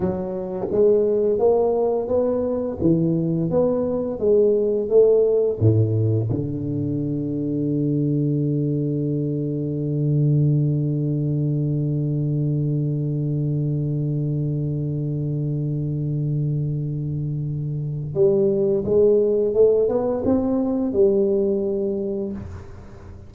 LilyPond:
\new Staff \with { instrumentName = "tuba" } { \time 4/4 \tempo 4 = 86 fis4 gis4 ais4 b4 | e4 b4 gis4 a4 | a,4 d2.~ | d1~ |
d1~ | d1~ | d2 g4 gis4 | a8 b8 c'4 g2 | }